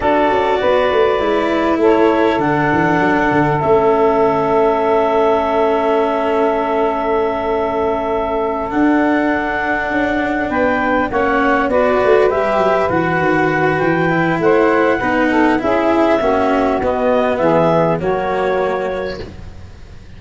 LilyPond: <<
  \new Staff \with { instrumentName = "clarinet" } { \time 4/4 \tempo 4 = 100 d''2. cis''4 | fis''2 e''2~ | e''1~ | e''2~ e''8 fis''4.~ |
fis''4. g''4 fis''4 d''8~ | d''8 e''4 fis''4. g''4 | fis''2 e''2 | dis''4 e''4 cis''2 | }
  \new Staff \with { instrumentName = "saxophone" } { \time 4/4 a'4 b'2 a'4~ | a'1~ | a'1~ | a'1~ |
a'4. b'4 cis''4 b'8~ | b'1 | c''4 b'8 a'8 gis'4 fis'4~ | fis'4 gis'4 fis'2 | }
  \new Staff \with { instrumentName = "cello" } { \time 4/4 fis'2 e'2 | d'2 cis'2~ | cis'1~ | cis'2~ cis'8 d'4.~ |
d'2~ d'8 cis'4 fis'8~ | fis'8 g'4 fis'2 e'8~ | e'4 dis'4 e'4 cis'4 | b2 ais2 | }
  \new Staff \with { instrumentName = "tuba" } { \time 4/4 d'8 cis'8 b8 a8 gis4 a4 | d8 e8 fis8 d8 a2~ | a1~ | a2~ a8 d'4.~ |
d'8 cis'4 b4 ais4 b8 | a8 g8 fis8 e8 dis4 e4 | a4 b4 cis'4 ais4 | b4 e4 fis2 | }
>>